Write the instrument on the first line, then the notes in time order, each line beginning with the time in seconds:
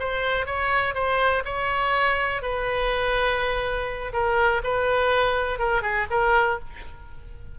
oboe
0.00 C5
0.46 C#5
0.95 C5
1.45 C#5
2.42 B4
4.13 A#4
4.64 B4
5.59 A#4
5.82 G#4
6.11 A#4